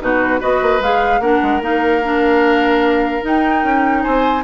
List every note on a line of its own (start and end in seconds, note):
0.00 0.41 B2
0.00 0.39 D#4
0.00 0.40 F#4
0.00 0.42 B4
0.39 0.62 B3
0.39 0.80 F#4
0.39 1.20 B4
0.39 0.82 D#5
0.62 0.80 A#3
0.80 1.19 G#3
0.80 1.22 G#4
0.80 1.21 F5
1.19 1.39 A#3
1.19 1.61 D4
1.19 4.03 A#4
1.19 1.61 F#5
1.42 1.61 G#3
1.61 3.22 A#3
1.61 2.01 D#4
1.61 3.24 F5
2.04 3.22 D4
3.22 4.42 D#4
3.22 3.63 D#4
3.22 4.02 G5
3.63 4.04 C#4
4.02 4.44 C4
4.02 4.43 C5
4.02 4.43 G#5